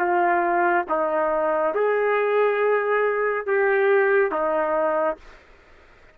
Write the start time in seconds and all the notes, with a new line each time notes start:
0.00 F4
0.89 D#4
1.75 G#4
3.46 G4
4.32 D#4